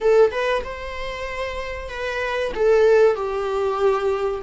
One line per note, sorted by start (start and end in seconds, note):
0.00 0.31 A4
0.31 0.62 B4
0.63 1.88 C5
1.88 2.51 B4
2.54 3.16 A4
3.16 4.42 G4